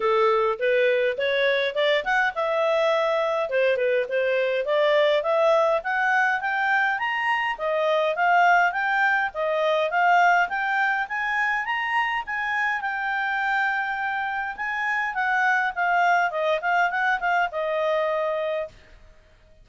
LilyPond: \new Staff \with { instrumentName = "clarinet" } { \time 4/4 \tempo 4 = 103 a'4 b'4 cis''4 d''8 fis''8 | e''2 c''8 b'8 c''4 | d''4 e''4 fis''4 g''4 | ais''4 dis''4 f''4 g''4 |
dis''4 f''4 g''4 gis''4 | ais''4 gis''4 g''2~ | g''4 gis''4 fis''4 f''4 | dis''8 f''8 fis''8 f''8 dis''2 | }